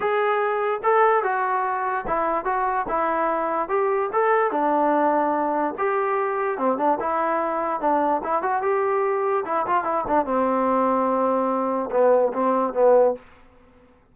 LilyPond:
\new Staff \with { instrumentName = "trombone" } { \time 4/4 \tempo 4 = 146 gis'2 a'4 fis'4~ | fis'4 e'4 fis'4 e'4~ | e'4 g'4 a'4 d'4~ | d'2 g'2 |
c'8 d'8 e'2 d'4 | e'8 fis'8 g'2 e'8 f'8 | e'8 d'8 c'2.~ | c'4 b4 c'4 b4 | }